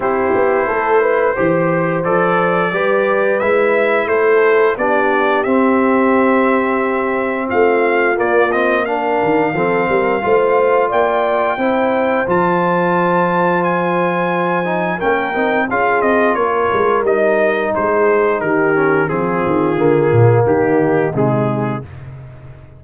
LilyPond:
<<
  \new Staff \with { instrumentName = "trumpet" } { \time 4/4 \tempo 4 = 88 c''2. d''4~ | d''4 e''4 c''4 d''4 | e''2. f''4 | d''8 dis''8 f''2. |
g''2 a''2 | gis''2 g''4 f''8 dis''8 | cis''4 dis''4 c''4 ais'4 | gis'2 g'4 gis'4 | }
  \new Staff \with { instrumentName = "horn" } { \time 4/4 g'4 a'8 b'8 c''2 | b'2 a'4 g'4~ | g'2. f'4~ | f'4 ais'4 a'8 ais'8 c''4 |
d''4 c''2.~ | c''2 ais'4 gis'4 | ais'2 gis'4 g'4 | f'2 dis'2 | }
  \new Staff \with { instrumentName = "trombone" } { \time 4/4 e'2 g'4 a'4 | g'4 e'2 d'4 | c'1 | ais8 c'8 d'4 c'4 f'4~ |
f'4 e'4 f'2~ | f'4. dis'8 cis'8 dis'8 f'4~ | f'4 dis'2~ dis'8 cis'8 | c'4 ais2 gis4 | }
  \new Staff \with { instrumentName = "tuba" } { \time 4/4 c'8 b8 a4 e4 f4 | g4 gis4 a4 b4 | c'2. a4 | ais4. dis8 f8 g8 a4 |
ais4 c'4 f2~ | f2 ais8 c'8 cis'8 c'8 | ais8 gis8 g4 gis4 dis4 | f8 dis8 d8 ais,8 dis4 c4 | }
>>